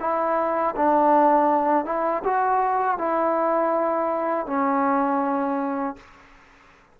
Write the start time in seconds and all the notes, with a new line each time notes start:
0.00 E4
0.76 D4
1.85 E4
2.24 F#4
2.98 E4
4.47 C#4